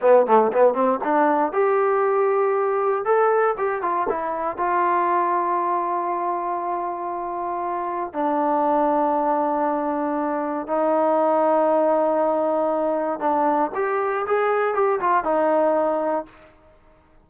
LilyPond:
\new Staff \with { instrumentName = "trombone" } { \time 4/4 \tempo 4 = 118 b8 a8 b8 c'8 d'4 g'4~ | g'2 a'4 g'8 f'8 | e'4 f'2.~ | f'1 |
d'1~ | d'4 dis'2.~ | dis'2 d'4 g'4 | gis'4 g'8 f'8 dis'2 | }